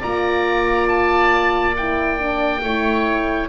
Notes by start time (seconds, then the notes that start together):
0.00 A#3 F4 D5 A#5
0.88 A5
1.76 E4 G5
2.18 D4
2.63 A3 E4 C#5